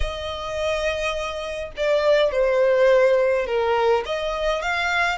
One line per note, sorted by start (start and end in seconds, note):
0.00 1.71 D#5
1.76 2.31 D5
2.31 3.46 C5
3.46 4.04 A#4
4.05 4.62 D#5
4.62 5.18 F5